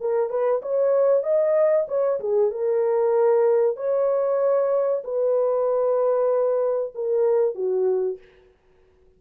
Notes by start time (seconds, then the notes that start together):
0.00 A#4
0.29 B4
0.62 C#5
1.23 D#5
1.87 C#5
2.20 G#4
2.51 A#4
3.76 C#5
5.04 B4
6.94 A#4
7.54 F#4